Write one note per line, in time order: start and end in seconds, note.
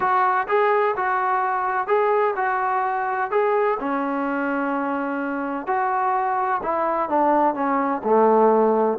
0.00 0.47 F#4
0.47 0.95 G#4
0.96 1.87 F#4
1.87 2.34 G#4
2.36 3.30 F#4
3.30 3.78 G#4
3.79 5.66 C#4
5.66 6.61 F#4
6.62 7.09 E4
7.09 7.54 D4
7.54 8.01 C#4
8.04 8.98 A3